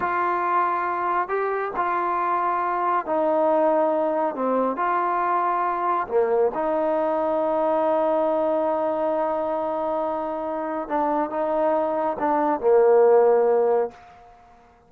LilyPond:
\new Staff \with { instrumentName = "trombone" } { \time 4/4 \tempo 4 = 138 f'2. g'4 | f'2. dis'4~ | dis'2 c'4 f'4~ | f'2 ais4 dis'4~ |
dis'1~ | dis'1~ | dis'4 d'4 dis'2 | d'4 ais2. | }